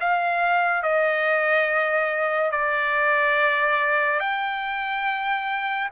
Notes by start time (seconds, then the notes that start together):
0.00 F5
0.83 D#5
2.52 D5
4.20 G5